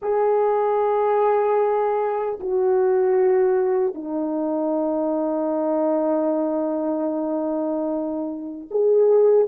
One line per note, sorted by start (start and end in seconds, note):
0.01 2.38 G#4
2.40 3.94 F#4
3.94 8.68 D#4
8.70 9.48 G#4